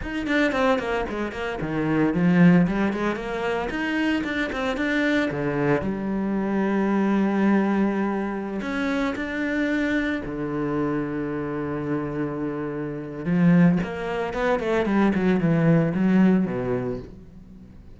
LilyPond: \new Staff \with { instrumentName = "cello" } { \time 4/4 \tempo 4 = 113 dis'8 d'8 c'8 ais8 gis8 ais8 dis4 | f4 g8 gis8 ais4 dis'4 | d'8 c'8 d'4 d4 g4~ | g1~ |
g16 cis'4 d'2 d8.~ | d1~ | d4 f4 ais4 b8 a8 | g8 fis8 e4 fis4 b,4 | }